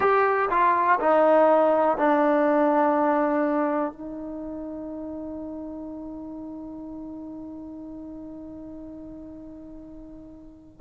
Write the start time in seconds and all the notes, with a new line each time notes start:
0.00 G4
0.50 F4
1.00 D#4
1.97 D4
3.92 D#4